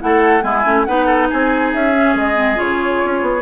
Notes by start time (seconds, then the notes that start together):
0.00 A3 E4 A4 F#5
0.41 G#3 B3 E4 G#5
0.65 A3 C#4
0.85 B3 D#4 B4 F#5
1.06 A4
1.30 C4 G#4 G#5
1.74 C#4 E5
1.94 C#4
2.15 G#3 D#5
2.34 C4
2.56 C#3 F4 C#5
3.05 C#4
3.22 B3